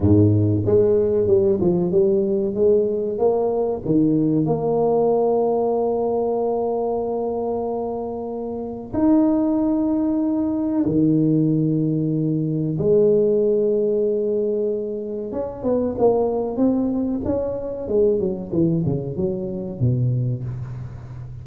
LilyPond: \new Staff \with { instrumentName = "tuba" } { \time 4/4 \tempo 4 = 94 gis,4 gis4 g8 f8 g4 | gis4 ais4 dis4 ais4~ | ais1~ | ais2 dis'2~ |
dis'4 dis2. | gis1 | cis'8 b8 ais4 c'4 cis'4 | gis8 fis8 e8 cis8 fis4 b,4 | }